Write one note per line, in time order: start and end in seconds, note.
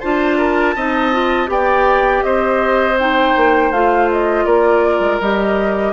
0.00 0.76 D4
0.00 0.76 F4
0.00 0.37 C5
0.00 1.48 A5
0.37 0.75 A#4
0.76 1.48 C4
0.76 1.12 D#4
0.76 1.50 D#5
1.12 1.47 F4
1.47 2.22 B3
1.47 2.95 G4
1.47 2.24 D5
1.47 2.23 G5
2.22 3.33 C4
2.22 4.46 C5
2.22 2.97 D#5
2.99 3.74 D#4
2.99 3.72 G5
3.36 3.71 A#3
3.71 4.45 A3
3.71 5.22 F4
3.71 4.09 F5
4.11 4.46 D#5
4.46 4.99 A#3
4.46 5.93 A#4
4.46 5.20 D5
4.99 5.18 G#3
5.20 5.93 G3
5.20 5.93 G4
5.20 5.93 D#5